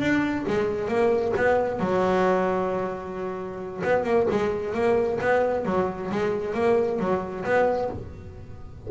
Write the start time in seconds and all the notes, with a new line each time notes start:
0.00 D4
0.47 G#3
0.88 A#3
1.36 B3
1.79 F#3
3.84 B3
4.04 A#3
4.30 G#3
4.74 A#3
5.20 B3
5.65 F#3
6.11 G#3
6.54 A#3
6.99 F#3
7.45 B3